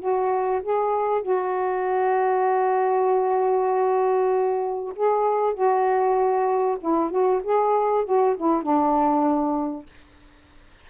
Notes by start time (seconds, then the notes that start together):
0.00 F#4
0.62 G#4
1.22 F#4
4.96 G#4
5.54 F#4
6.80 E4
7.11 F#4
7.43 G#4
8.05 F#4
8.37 E4
8.63 D4